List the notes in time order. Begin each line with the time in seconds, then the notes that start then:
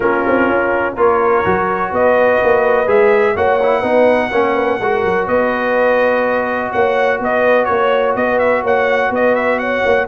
0.00 A#3 C#4 F4 A#4
0.27 C4
0.49 C#4
0.93 A#3 F4 A#4
0.99 C#5
1.44 F#3 F#4
1.90 B3 B4 D#5
2.43 A#3
2.87 G#3 G#4 E5
3.35 A#3 F#4 C#5 F#5
3.62 E4
3.80 B3 D#4 B4
4.31 A#3 C#4 C#5
4.54 B4
4.80 G#3 F#4 A#4
5.04 F#3
5.27 B3 B4 D#5
6.72 A#3 C#5 F#5
7.19 B3 B4 D#5
7.64 A#3 C#5
7.71 C#5
8.15 B3 B4 D#5
8.38 E5
8.62 A#3 C#5 F#5
9.10 B3 B4 D#5
9.35 E5
9.59 C#5 F#5
9.85 A#3